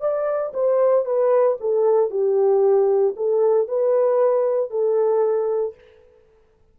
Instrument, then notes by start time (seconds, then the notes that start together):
horn
0.00 D5
0.53 C5
1.05 B4
1.60 A4
2.10 G4
3.16 A4
3.67 B4
4.70 A4